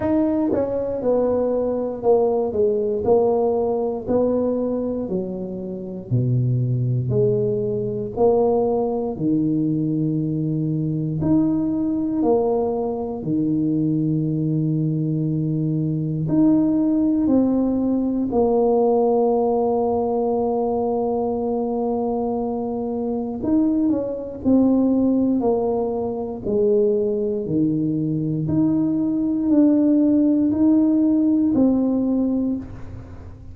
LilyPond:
\new Staff \with { instrumentName = "tuba" } { \time 4/4 \tempo 4 = 59 dis'8 cis'8 b4 ais8 gis8 ais4 | b4 fis4 b,4 gis4 | ais4 dis2 dis'4 | ais4 dis2. |
dis'4 c'4 ais2~ | ais2. dis'8 cis'8 | c'4 ais4 gis4 dis4 | dis'4 d'4 dis'4 c'4 | }